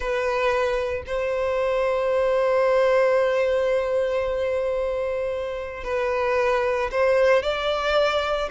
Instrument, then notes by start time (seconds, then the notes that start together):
violin
0.00 B4
1.06 C5
5.84 B4
6.91 C5
7.42 D5